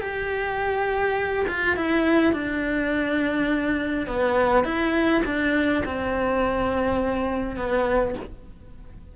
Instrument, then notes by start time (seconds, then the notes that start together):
cello
0.00 G4
1.48 F4
1.76 E4
2.32 D4
4.07 B3
4.64 E4
5.25 D4
5.85 C4
7.56 B3